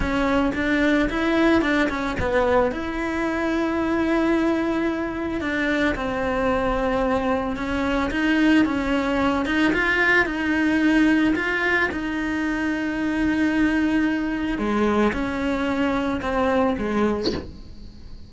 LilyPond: \new Staff \with { instrumentName = "cello" } { \time 4/4 \tempo 4 = 111 cis'4 d'4 e'4 d'8 cis'8 | b4 e'2.~ | e'2 d'4 c'4~ | c'2 cis'4 dis'4 |
cis'4. dis'8 f'4 dis'4~ | dis'4 f'4 dis'2~ | dis'2. gis4 | cis'2 c'4 gis4 | }